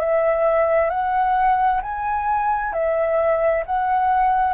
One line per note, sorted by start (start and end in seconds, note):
0.00 0.90 E5
0.90 1.81 F#5
1.82 2.73 G#5
2.73 3.64 E5
3.66 4.54 F#5